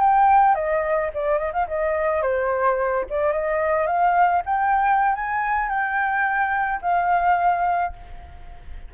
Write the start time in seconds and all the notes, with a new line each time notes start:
0.00 G5
0.55 D#5
1.14 D5
1.39 D#5
1.54 F5
1.68 D#5
2.22 C5
3.10 D5
3.33 D#5
3.87 F5
4.46 G5
5.16 G#5
5.70 G5
6.82 F5